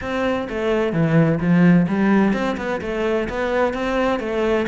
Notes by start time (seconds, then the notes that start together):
0.01 C4
0.49 A3
0.92 E3
1.40 F3
1.87 G3
2.33 C4
2.57 B3
2.81 A3
3.29 B3
3.73 C4
4.19 A3